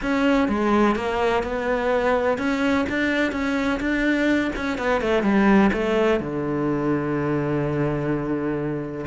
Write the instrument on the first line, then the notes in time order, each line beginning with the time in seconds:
cello
0.02 C#4
0.48 G#3
0.95 A#3
1.43 B3
2.38 C#4
2.89 D4
3.32 C#4
3.80 D4
4.56 C#4
4.77 B3
5.01 A3
5.22 G3
5.72 A3
6.20 D3